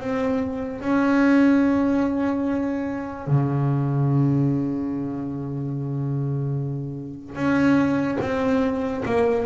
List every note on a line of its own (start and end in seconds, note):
0.00 0.81 C4
0.81 3.27 C#4
3.27 7.36 C#3
7.36 8.18 C#4
8.21 9.03 C4
9.05 9.46 A#3